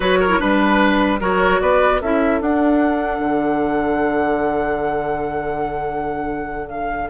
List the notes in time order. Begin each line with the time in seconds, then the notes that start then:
0.00 F#3 F#4 B4 C#5
0.20 A#4
0.29 E4
0.39 G3 D4 B4
1.20 F#3 F#4 A#4 C#5
1.61 B3 B4 D5
2.01 C#4 E4 A4 E5
2.40 D4 F#5
3.19 D3
6.69 F5